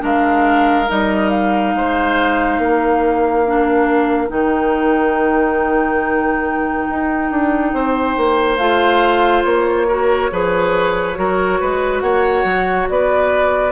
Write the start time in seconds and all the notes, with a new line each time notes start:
0.00 G#3 D4 A#4 F5
0.89 G3 D#4 D#5
1.29 F5
1.75 G#3 C5
2.59 A#3 A#4
3.46 D4
4.28 D#3 D#4 G5
6.90 D#4
7.31 D4
7.73 C4 C5
8.17 A#3
8.57 A3 F4 F5
9.44 A#3 C#5
9.88 F#4 A#4
10.32 F3 G#4 B4
11.15 F#3 F#4 A#4
11.60 G#3 B4
12.01 A#3 C#5 F#5
12.44 F#3
12.90 B3 B4 D5